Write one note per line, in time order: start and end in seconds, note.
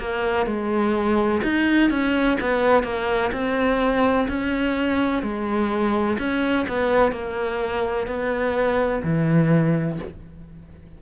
0.00 0.46 A#3
0.46 1.42 G#3
1.43 1.90 D#4
1.90 2.38 C#4
2.41 2.84 B3
2.84 3.31 A#3
3.32 4.28 C4
4.28 5.23 C#4
5.23 6.18 G#3
6.19 6.66 C#4
6.68 7.12 B3
7.12 8.07 A#3
8.07 9.03 B3
9.03 9.99 E3